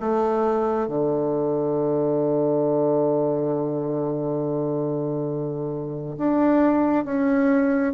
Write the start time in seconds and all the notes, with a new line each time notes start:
0.00 A3
0.87 D3
6.17 D4
7.05 C#4